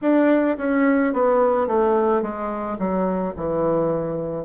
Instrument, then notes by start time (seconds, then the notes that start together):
bassoon
0.01 D4
0.57 C#4
1.13 B3
1.67 A3
2.22 G#3
2.78 F#3
3.36 E3